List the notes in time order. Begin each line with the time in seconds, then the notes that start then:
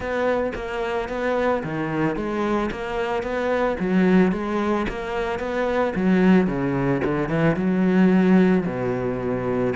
0.00 B3
0.55 A#3
1.08 B3
1.63 D#3
2.15 G#3
2.71 A#3
3.22 B3
3.79 F#3
4.32 G#3
4.88 A#3
5.39 B3
5.95 F#3
6.47 C#3
7.04 D3
7.28 E3
7.56 F#3
8.65 B2